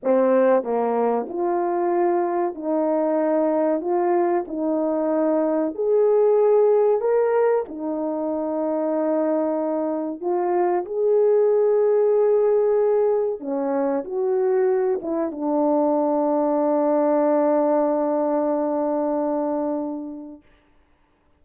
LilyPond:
\new Staff \with { instrumentName = "horn" } { \time 4/4 \tempo 4 = 94 c'4 ais4 f'2 | dis'2 f'4 dis'4~ | dis'4 gis'2 ais'4 | dis'1 |
f'4 gis'2.~ | gis'4 cis'4 fis'4. e'8 | d'1~ | d'1 | }